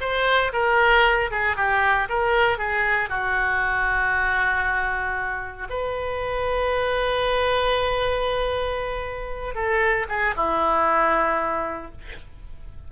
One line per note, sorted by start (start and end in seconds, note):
0.00 0.52 C5
0.52 1.30 A#4
1.30 1.56 G#4
1.56 2.08 G4
2.09 2.57 A#4
2.57 3.09 G#4
3.09 5.67 F#4
5.69 9.54 B4
9.54 10.06 A4
10.08 10.34 G#4
10.36 11.91 E4